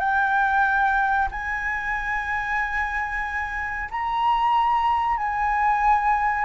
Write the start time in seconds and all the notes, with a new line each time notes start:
0.00 G5
1.32 G#5
3.91 A#5
5.18 G#5